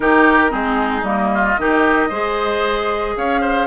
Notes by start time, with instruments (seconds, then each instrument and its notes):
0.00 bassoon D#3, clarinet D#4, oboe G4, flute A#4
0.49 bassoon G#3, clarinet C4, oboe D#4, flute G#4
1.02 bassoon G3, clarinet A#3, flute D#5
1.33 oboe F4
1.58 bassoon D#3, clarinet D#4, oboe G4
2.09 bassoon G#3, clarinet G#4, oboe C5
3.16 bassoon C#4, oboe C#5, flute F5
3.40 oboe C5